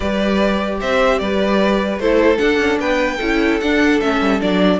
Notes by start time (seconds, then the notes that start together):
0.00 G3 G4 B4 D5
0.80 C4 C5 E5
1.18 G3 B4 D5
1.97 A3 E4 A4 C5
2.38 D4 F#5
2.58 C#4
2.79 B3 B4 G5
3.16 C#4 E4 A4
3.60 D4 F#5
4.00 A3 C#4 E5
4.20 G3
4.39 F#3 D4 D5